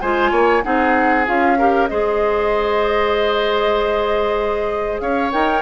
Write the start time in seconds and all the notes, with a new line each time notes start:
0.00 G#3 F4 C5 G#5
0.31 A#3 C#5
0.62 C4 D#4 G#4 F#5
1.25 C#4 F4 F5
1.58 G4 A#4
1.87 G#3 G#4 C5 D#5
5.00 C#4 C#5 F5
5.32 D#4 A#4 G5